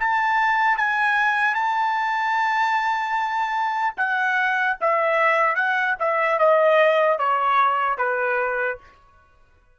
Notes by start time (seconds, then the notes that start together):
0.00 A5
0.78 G#5
1.55 A5
3.97 F#5
4.81 E5
5.56 F#5
6.00 E5
6.40 D#5
7.19 C#5
7.98 B4